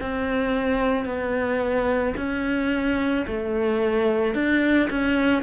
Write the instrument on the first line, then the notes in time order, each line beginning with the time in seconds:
cello
0.00 C4
1.05 B3
2.16 C#4
3.26 A3
4.34 D4
4.90 C#4